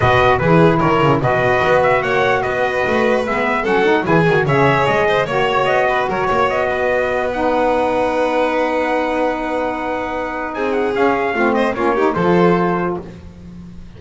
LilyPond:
<<
  \new Staff \with { instrumentName = "trumpet" } { \time 4/4 \tempo 4 = 148 dis''4 b'4 cis''4 dis''4~ | dis''8 e''8 fis''4 dis''2 | e''4 fis''4 gis''4 e''4 | dis''4 cis''4 dis''4 cis''4 |
dis''2 fis''2~ | fis''1~ | fis''2 gis''8 fis''8 f''4~ | f''8 dis''8 cis''4 c''2 | }
  \new Staff \with { instrumentName = "violin" } { \time 4/4 b'4 gis'4 ais'4 b'4~ | b'4 cis''4 b'2~ | b'4 a'4 gis'4 cis''4~ | cis''8 c''8 cis''4. b'8 ais'8 cis''8~ |
cis''8 b'2.~ b'8~ | b'1~ | b'2 gis'2 | f'8 c''8 f'8 g'8 a'2 | }
  \new Staff \with { instrumentName = "saxophone" } { \time 4/4 fis'4 e'2 fis'4~ | fis'1 | b4 cis'8 dis'8 e'8 fis'8 gis'4~ | gis'4 fis'2.~ |
fis'2 dis'2~ | dis'1~ | dis'2. cis'4 | c'4 cis'8 dis'8 f'2 | }
  \new Staff \with { instrumentName = "double bass" } { \time 4/4 b,4 e4 dis8 cis8 b,4 | b4 ais4 b4 a4 | gis4 fis4 e8 dis8 cis4 | gis4 ais4 b4 fis8 ais8 |
b1~ | b1~ | b2 c'4 cis'4 | a4 ais4 f2 | }
>>